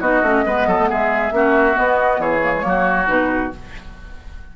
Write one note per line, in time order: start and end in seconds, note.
0.00 0.22 B3
0.00 0.23 D#4
0.00 0.44 F#4
0.00 0.88 D#5
0.22 0.44 A3
0.22 0.45 C#4
0.45 0.66 G#3
0.45 1.33 B3
0.45 0.67 B4
0.66 0.77 F#3
0.66 0.89 A4
0.79 0.90 A3
0.89 1.31 G#3
0.89 1.33 G#4
0.89 1.77 E5
1.31 1.75 A#3
1.31 1.73 C#4
1.31 2.21 F#4
1.73 2.39 B3
1.73 2.19 B3
1.73 2.21 D#5
2.19 2.62 E3
2.19 2.64 G#4
2.19 3.07 C#5
2.42 2.53 A#3
2.55 2.61 G#3
2.61 3.08 F#3
2.61 3.05 A#3
2.68 3.56 F#4
3.07 3.52 B2
3.07 3.51 D#4
3.07 3.51 B4